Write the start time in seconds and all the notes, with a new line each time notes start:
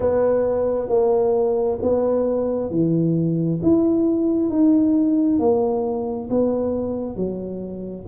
0.00 B3
0.88 A#3
1.82 B3
2.70 E3
3.62 E4
4.49 D#4
5.39 A#3
6.30 B3
7.16 F#3